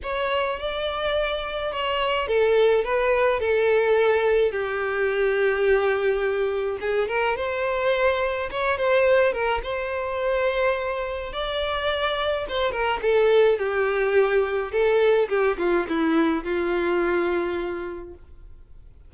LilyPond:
\new Staff \with { instrumentName = "violin" } { \time 4/4 \tempo 4 = 106 cis''4 d''2 cis''4 | a'4 b'4 a'2 | g'1 | gis'8 ais'8 c''2 cis''8 c''8~ |
c''8 ais'8 c''2. | d''2 c''8 ais'8 a'4 | g'2 a'4 g'8 f'8 | e'4 f'2. | }